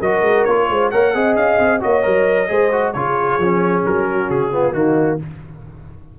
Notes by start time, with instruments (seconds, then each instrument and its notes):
0.00 tuba F#3, trombone F#4, horn A#4, trumpet D#5
0.22 tuba G#3
0.44 tuba A#3, trombone F4, trumpet C#5
0.70 tuba G#3, horn C5
0.91 tuba A#3, trombone A#4, horn C#5, trumpet F#5
1.14 tuba C4, trombone G#4, horn D#5
1.36 tuba C#4, trumpet F5
1.59 tuba C4
1.80 tuba A#3, trombone F#4, horn C#5, trumpet D#5
2.02 tuba F#3, trombone A#4
2.48 tuba G#3, trombone G#4, horn C5
2.72 trombone F#4
2.93 tuba C#3, trombone F4, horn G#4, trumpet C#5
3.38 tuba F3, trombone C#4
3.86 tuba F#3, trumpet A#4
4.08 horn F#4
4.30 tuba C#3, trumpet G#4
4.52 trombone B3, horn F4
4.73 tuba D#3, trombone A#3, horn D#4, trumpet F#4